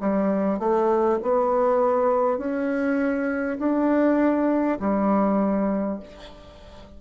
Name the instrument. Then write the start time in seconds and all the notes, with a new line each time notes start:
bassoon
0.00 G3
0.59 A3
1.23 B3
2.38 C#4
3.59 D4
4.79 G3